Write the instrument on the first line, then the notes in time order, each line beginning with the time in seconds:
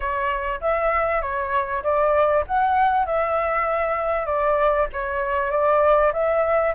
flute
0.00 C#5
0.61 E5
1.21 C#5
1.83 D5
2.46 F#5
3.06 E5
4.26 D5
4.92 C#5
5.50 D5
6.12 E5